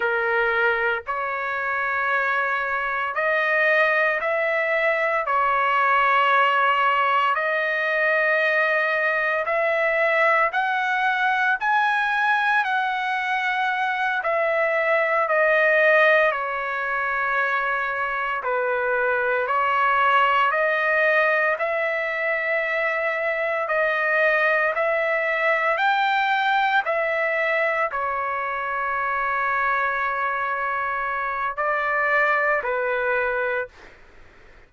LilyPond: \new Staff \with { instrumentName = "trumpet" } { \time 4/4 \tempo 4 = 57 ais'4 cis''2 dis''4 | e''4 cis''2 dis''4~ | dis''4 e''4 fis''4 gis''4 | fis''4. e''4 dis''4 cis''8~ |
cis''4. b'4 cis''4 dis''8~ | dis''8 e''2 dis''4 e''8~ | e''8 g''4 e''4 cis''4.~ | cis''2 d''4 b'4 | }